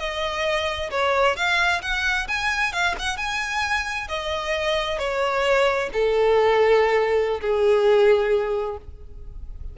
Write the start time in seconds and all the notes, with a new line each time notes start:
0.00 D#5
0.91 C#5
1.37 F5
1.82 F#5
2.28 G#5
2.73 F5
3.00 F#5
3.18 G#5
4.09 D#5
4.99 C#5
5.93 A4
7.42 G#4